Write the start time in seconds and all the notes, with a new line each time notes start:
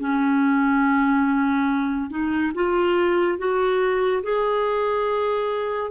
0.00 C#4
2.10 D#4
2.55 F4
3.38 F#4
4.24 G#4